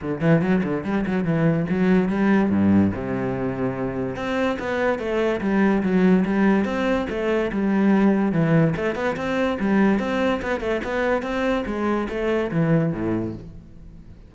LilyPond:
\new Staff \with { instrumentName = "cello" } { \time 4/4 \tempo 4 = 144 d8 e8 fis8 d8 g8 fis8 e4 | fis4 g4 g,4 c4~ | c2 c'4 b4 | a4 g4 fis4 g4 |
c'4 a4 g2 | e4 a8 b8 c'4 g4 | c'4 b8 a8 b4 c'4 | gis4 a4 e4 a,4 | }